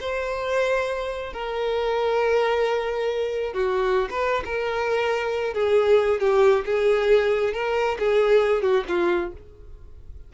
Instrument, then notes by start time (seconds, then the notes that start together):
violin
0.00 C5
1.33 A#4
3.53 F#4
4.10 B4
4.45 A#4
5.54 G#4
6.20 G4
6.65 G#4
7.53 A#4
7.99 G#4
8.62 F#4
8.88 F4